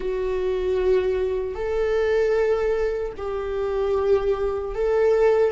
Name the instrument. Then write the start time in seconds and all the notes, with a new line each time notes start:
viola
0.00 F#4
1.54 A4
3.17 G4
4.74 A4